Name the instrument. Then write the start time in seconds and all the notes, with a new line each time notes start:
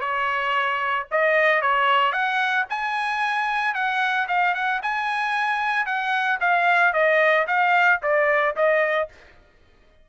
trumpet
0.00 C#5
1.11 D#5
1.61 C#5
2.12 F#5
2.69 G#5
3.74 F#5
4.28 F5
4.54 F#5
4.82 G#5
5.86 F#5
6.40 F5
6.93 D#5
7.47 F5
8.02 D5
8.56 D#5